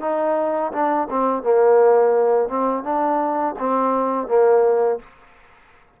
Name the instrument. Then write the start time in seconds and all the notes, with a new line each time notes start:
trombone
0.00 D#4
0.72 D4
1.09 C4
1.42 A#3
2.48 C4
2.83 D4
3.58 C4
4.27 A#3